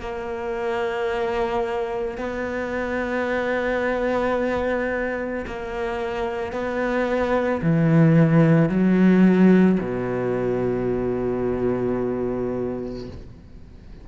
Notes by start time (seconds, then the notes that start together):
0.00 A#3
2.18 B3
5.47 A#3
6.53 B3
7.62 E3
8.70 F#3
9.81 B2